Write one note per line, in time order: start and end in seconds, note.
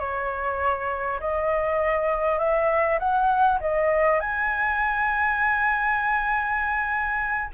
0.00 1.20 C#5
1.20 2.39 D#5
2.39 2.99 E5
2.99 3.59 F#5
3.61 4.20 D#5
4.20 7.50 G#5